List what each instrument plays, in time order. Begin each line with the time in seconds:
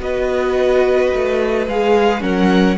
0.00 cello B3, viola F#4, violin B4 D#5
1.15 cello A3
1.67 cello G#3, viola G#4, violin F5
2.21 cello F#3, viola C#4, violin A#4 F#5